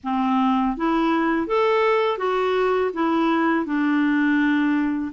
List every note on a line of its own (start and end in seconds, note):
0.03 0.76 C4
0.76 1.47 E4
1.47 2.18 A4
2.18 2.91 F#4
2.93 3.65 E4
3.65 5.12 D4